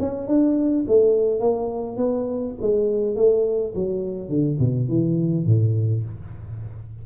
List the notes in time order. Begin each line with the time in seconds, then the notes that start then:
0.00 C#4
0.28 D4
0.88 A3
1.41 A#3
1.97 B3
2.62 G#3
3.16 A3
3.75 F#3
4.29 D3
4.60 B2
4.89 E3
5.46 A2